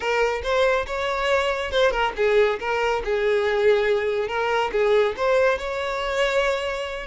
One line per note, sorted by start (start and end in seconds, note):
0.00 0.42 A#4
0.43 0.86 C5
0.86 1.71 C#5
1.71 1.91 C5
1.91 2.12 A#4
2.16 2.59 G#4
2.59 3.02 A#4
3.04 4.27 G#4
4.27 4.70 A#4
4.72 5.15 G#4
5.16 5.58 C5
5.58 7.06 C#5